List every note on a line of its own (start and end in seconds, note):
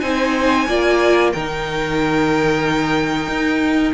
0.00 0.67 C4
0.00 0.67 D#4
0.00 0.68 C5
0.00 1.30 G#5
0.67 1.33 A#3
0.67 1.33 F4
0.67 1.33 D5
1.32 3.28 D#3
1.32 3.93 D#4
1.32 3.93 A#4
1.32 3.93 G5
3.28 3.93 D#4